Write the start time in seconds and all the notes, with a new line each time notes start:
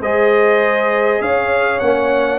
0.00 G#3 G#4 C5 D#5
1.21 C#4 C#5 F5
1.79 A#3 C#4 F#5